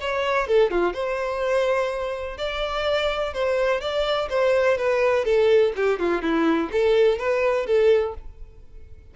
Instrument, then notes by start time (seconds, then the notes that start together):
violin
0.00 C#5
0.47 A4
0.70 F4
0.93 C5
2.37 D5
3.33 C5
3.81 D5
4.29 C5
4.77 B4
5.25 A4
5.76 G4
5.99 F4
6.22 E4
6.72 A4
7.18 B4
7.66 A4